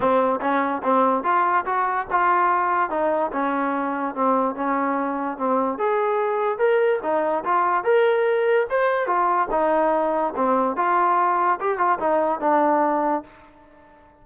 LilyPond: \new Staff \with { instrumentName = "trombone" } { \time 4/4 \tempo 4 = 145 c'4 cis'4 c'4 f'4 | fis'4 f'2 dis'4 | cis'2 c'4 cis'4~ | cis'4 c'4 gis'2 |
ais'4 dis'4 f'4 ais'4~ | ais'4 c''4 f'4 dis'4~ | dis'4 c'4 f'2 | g'8 f'8 dis'4 d'2 | }